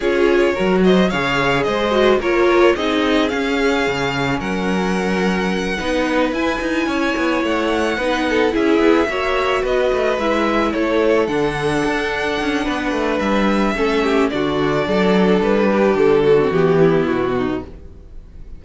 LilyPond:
<<
  \new Staff \with { instrumentName = "violin" } { \time 4/4 \tempo 4 = 109 cis''4. dis''8 f''4 dis''4 | cis''4 dis''4 f''2 | fis''2.~ fis''8 gis''8~ | gis''4. fis''2 e''8~ |
e''4. dis''4 e''4 cis''8~ | cis''8 fis''2.~ fis''8 | e''2 d''2 | b'4 a'4 g'4 fis'4 | }
  \new Staff \with { instrumentName = "violin" } { \time 4/4 gis'4 ais'8 c''8 cis''4 c''4 | ais'4 gis'2. | ais'2~ ais'8 b'4.~ | b'8 cis''2 b'8 a'8 gis'8~ |
gis'8 cis''4 b'2 a'8~ | a'2. b'4~ | b'4 a'8 g'8 fis'4 a'4~ | a'8 g'4 fis'4 e'4 dis'8 | }
  \new Staff \with { instrumentName = "viola" } { \time 4/4 f'4 fis'4 gis'4. fis'8 | f'4 dis'4 cis'2~ | cis'2~ cis'8 dis'4 e'8~ | e'2~ e'8 dis'4 e'8~ |
e'8 fis'2 e'4.~ | e'8 d'2.~ d'8~ | d'4 cis'4 d'2~ | d'4.~ d'16 c'16 b2 | }
  \new Staff \with { instrumentName = "cello" } { \time 4/4 cis'4 fis4 cis4 gis4 | ais4 c'4 cis'4 cis4 | fis2~ fis8 b4 e'8 | dis'8 cis'8 b8 a4 b4 cis'8 |
b8 ais4 b8 a8 gis4 a8~ | a8 d4 d'4 cis'8 b8 a8 | g4 a4 d4 fis4 | g4 d4 e4 b,4 | }
>>